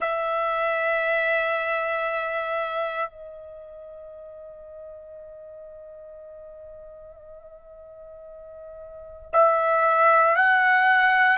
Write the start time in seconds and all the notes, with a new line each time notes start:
0.00 E5
3.09 D#5
9.32 E5
10.36 F#5